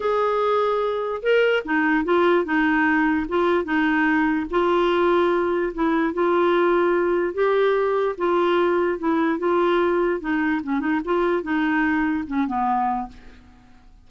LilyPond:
\new Staff \with { instrumentName = "clarinet" } { \time 4/4 \tempo 4 = 147 gis'2. ais'4 | dis'4 f'4 dis'2 | f'4 dis'2 f'4~ | f'2 e'4 f'4~ |
f'2 g'2 | f'2 e'4 f'4~ | f'4 dis'4 cis'8 dis'8 f'4 | dis'2 cis'8 b4. | }